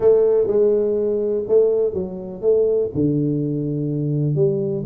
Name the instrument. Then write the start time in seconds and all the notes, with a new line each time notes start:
tuba
0.00 A3
0.47 G#3
1.48 A3
1.93 F#3
2.41 A3
2.94 D3
4.35 G3